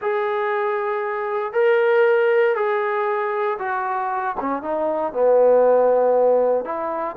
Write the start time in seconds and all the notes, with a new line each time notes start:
0.01 G#4
1.52 A#4
2.55 G#4
3.58 F#4
4.40 C#4
4.62 D#4
5.12 B3
6.64 E4